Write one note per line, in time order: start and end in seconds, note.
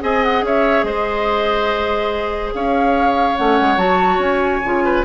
0.00 0.42 C4
0.00 3.36 G#4
0.00 0.45 D#5
0.00 0.23 G#5
0.23 0.44 F#5
0.42 0.83 C#4
0.42 0.85 C#5
0.42 0.83 E5
0.83 2.51 G#3
0.83 2.53 C5
0.83 2.51 D#5
2.53 3.37 C#4
2.53 4.84 C#5
2.53 3.37 F5
3.36 3.60 A3
3.36 3.77 C#4
3.36 3.78 F#5
3.60 3.77 G#3
3.77 4.18 F#3
3.77 4.61 F#4
3.77 4.20 A5
4.18 4.60 C#4
4.18 5.05 G#5
4.64 5.05 C#3
4.64 5.05 F4
4.84 5.05 B4